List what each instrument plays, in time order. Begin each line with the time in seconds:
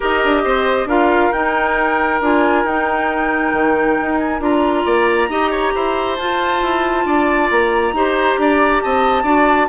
0.00 bassoon D#4, clarinet G4, oboe A#4, flute D#5
0.24 bassoon D4
0.44 bassoon C4, oboe C5
0.85 bassoon D4, clarinet F4, oboe A#4, flute F5
1.32 clarinet D#4, bassoon D#4, flute G5
2.20 bassoon D4, clarinet F4, flute G#5
2.64 bassoon D#4, clarinet D#4, flute G5
3.53 bassoon D#3
4.01 bassoon D#4
4.17 flute G#5
4.40 bassoon D4, clarinet F4, flute A#5
4.85 bassoon A#3, oboe D5
5.28 bassoon D#4, clarinet G4, oboe D#5
5.51 oboe C#5
5.75 bassoon E4, oboe C5
6.16 bassoon F4, clarinet F4, flute A5
6.62 bassoon E4
7.05 bassoon D4, oboe D5
7.50 bassoon A#3, flute A#5
7.92 bassoon D#4, clarinet G4, oboe C5
8.37 bassoon D4, oboe D5
8.81 bassoon C4, oboe D#5, flute A5
9.23 bassoon D4, clarinet F#4, oboe D5